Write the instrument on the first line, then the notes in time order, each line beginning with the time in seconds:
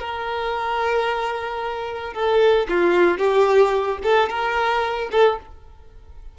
violin
0.00 A#4
2.14 A4
2.69 F4
3.18 G4
4.03 A4
4.30 A#4
5.12 A4